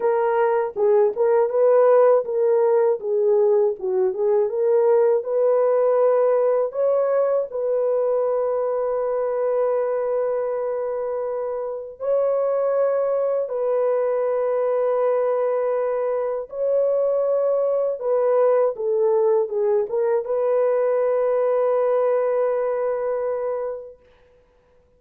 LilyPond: \new Staff \with { instrumentName = "horn" } { \time 4/4 \tempo 4 = 80 ais'4 gis'8 ais'8 b'4 ais'4 | gis'4 fis'8 gis'8 ais'4 b'4~ | b'4 cis''4 b'2~ | b'1 |
cis''2 b'2~ | b'2 cis''2 | b'4 a'4 gis'8 ais'8 b'4~ | b'1 | }